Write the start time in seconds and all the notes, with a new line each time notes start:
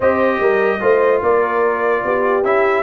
0.00 C4 G4 C5 D#5
0.39 G3 A#4
0.80 A3 F4 C5
1.21 A#3 A#4 D5
2.04 B3 G4
2.43 C#4 E4 E5